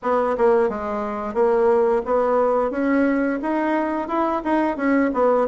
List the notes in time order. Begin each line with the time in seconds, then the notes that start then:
0.02 B3
0.37 A#3
0.69 G#3
1.34 A#3
2.05 B3
2.71 C#4
3.42 D#4
4.08 E4
4.44 D#4
4.76 C#4
5.13 B3